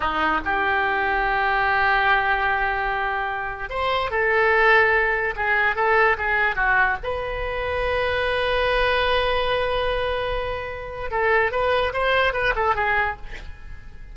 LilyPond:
\new Staff \with { instrumentName = "oboe" } { \time 4/4 \tempo 4 = 146 dis'4 g'2.~ | g'1~ | g'4 c''4 a'2~ | a'4 gis'4 a'4 gis'4 |
fis'4 b'2.~ | b'1~ | b'2. a'4 | b'4 c''4 b'8 a'8 gis'4 | }